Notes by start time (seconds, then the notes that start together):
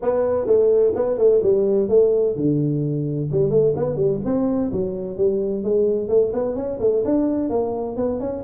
0.01 B3
0.46 A3
0.95 B3
1.18 A3
1.43 G3
1.89 A3
2.36 D3
3.31 G3
3.50 A3
3.76 B3
3.96 G3
4.24 C4
4.72 F#3
5.17 G3
5.63 G#3
6.08 A3
6.33 B3
6.55 C#4
6.80 A3
7.05 D4
7.49 A#3
7.96 B3
8.20 C#4